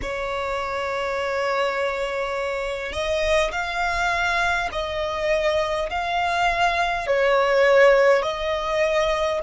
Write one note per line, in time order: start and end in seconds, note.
0.02 2.92 C#5
2.92 3.51 D#5
3.51 4.69 F5
4.72 5.89 D#5
5.90 7.06 F5
7.06 8.22 C#5
8.22 9.40 D#5